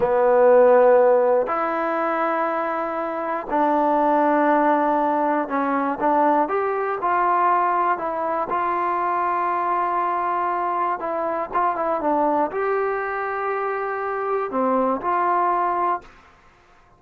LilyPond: \new Staff \with { instrumentName = "trombone" } { \time 4/4 \tempo 4 = 120 b2. e'4~ | e'2. d'4~ | d'2. cis'4 | d'4 g'4 f'2 |
e'4 f'2.~ | f'2 e'4 f'8 e'8 | d'4 g'2.~ | g'4 c'4 f'2 | }